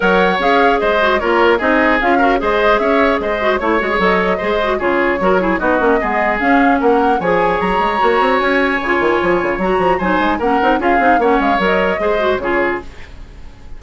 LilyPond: <<
  \new Staff \with { instrumentName = "flute" } { \time 4/4 \tempo 4 = 150 fis''4 f''4 dis''4 cis''4 | dis''4 f''4 dis''4 e''4 | dis''4 cis''4 dis''2 | cis''2 dis''2 |
f''4 fis''4 gis''4 ais''4~ | ais''4 gis''2. | ais''4 gis''4 fis''4 f''4 | fis''8 f''8 dis''2 cis''4 | }
  \new Staff \with { instrumentName = "oboe" } { \time 4/4 cis''2 c''4 ais'4 | gis'4. ais'8 c''4 cis''4 | c''4 cis''2 c''4 | gis'4 ais'8 gis'8 fis'4 gis'4~ |
gis'4 ais'4 cis''2~ | cis''1~ | cis''4 c''4 ais'4 gis'4 | cis''2 c''4 gis'4 | }
  \new Staff \with { instrumentName = "clarinet" } { \time 4/4 ais'4 gis'4. fis'8 f'4 | dis'4 f'8 fis'8 gis'2~ | gis'8 fis'8 e'8 fis'16 gis'16 a'4 gis'8 fis'8 | f'4 fis'8 e'8 dis'8 cis'8 b4 |
cis'2 gis'2 | fis'2 f'2 | fis'4 dis'4 cis'8 dis'8 f'8 dis'8 | cis'4 ais'4 gis'8 fis'8 f'4 | }
  \new Staff \with { instrumentName = "bassoon" } { \time 4/4 fis4 cis'4 gis4 ais4 | c'4 cis'4 gis4 cis'4 | gis4 a8 gis8 fis4 gis4 | cis4 fis4 b8 ais8 gis4 |
cis'4 ais4 f4 fis8 gis8 | ais8 c'8 cis'4 cis8 dis8 f8 cis8 | fis8 f8 fis8 gis8 ais8 c'8 cis'8 c'8 | ais8 gis8 fis4 gis4 cis4 | }
>>